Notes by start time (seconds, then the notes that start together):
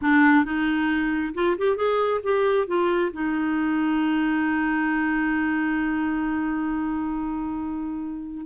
0.01 D4
0.44 D#4
1.34 F4
1.58 G4
1.76 G#4
2.23 G4
2.67 F4
3.12 D#4